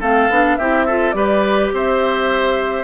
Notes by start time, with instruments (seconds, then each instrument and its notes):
0.00 bassoon A3, clarinet C4, oboe A4, flute F5
0.30 bassoon B3, clarinet D4
0.57 bassoon C4, clarinet E4, oboe G4, flute E5
0.86 clarinet F4, oboe A4
1.12 bassoon G3, clarinet G4, oboe B4, flute D5
1.73 bassoon C4, oboe C5, flute E5